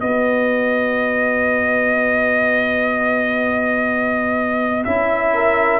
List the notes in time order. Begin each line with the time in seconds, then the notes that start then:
0.00 B3 F#4 B4 D#5
4.84 C#4 E4 E5
5.33 A#4